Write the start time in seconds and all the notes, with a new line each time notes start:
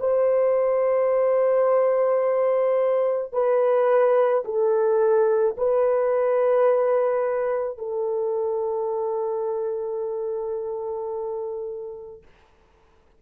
0.00 C5
3.33 B4
4.45 A4
5.58 B4
7.78 A4